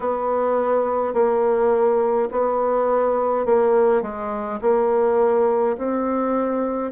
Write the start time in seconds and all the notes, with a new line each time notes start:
0.00 B3
1.13 A#3
2.31 B3
3.45 A#3
4.02 G#3
4.61 A#3
5.77 C4